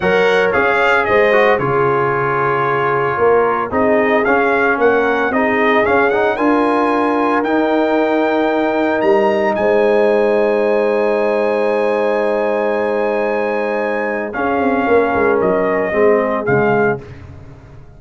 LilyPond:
<<
  \new Staff \with { instrumentName = "trumpet" } { \time 4/4 \tempo 4 = 113 fis''4 f''4 dis''4 cis''4~ | cis''2. dis''4 | f''4 fis''4 dis''4 f''8 fis''8 | gis''2 g''2~ |
g''4 ais''4 gis''2~ | gis''1~ | gis''2. f''4~ | f''4 dis''2 f''4 | }
  \new Staff \with { instrumentName = "horn" } { \time 4/4 cis''2 c''4 gis'4~ | gis'2 ais'4 gis'4~ | gis'4 ais'4 gis'2 | ais'1~ |
ais'2 c''2~ | c''1~ | c''2. gis'4 | ais'2 gis'2 | }
  \new Staff \with { instrumentName = "trombone" } { \time 4/4 ais'4 gis'4. fis'8 f'4~ | f'2. dis'4 | cis'2 dis'4 cis'8 dis'8 | f'2 dis'2~ |
dis'1~ | dis'1~ | dis'2. cis'4~ | cis'2 c'4 gis4 | }
  \new Staff \with { instrumentName = "tuba" } { \time 4/4 fis4 cis'4 gis4 cis4~ | cis2 ais4 c'4 | cis'4 ais4 c'4 cis'4 | d'2 dis'2~ |
dis'4 g4 gis2~ | gis1~ | gis2. cis'8 c'8 | ais8 gis8 fis4 gis4 cis4 | }
>>